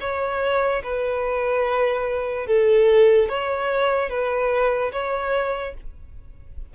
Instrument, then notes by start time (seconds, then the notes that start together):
violin
0.00 C#5
0.83 B4
2.47 A4
3.29 C#5
4.09 B4
4.92 C#5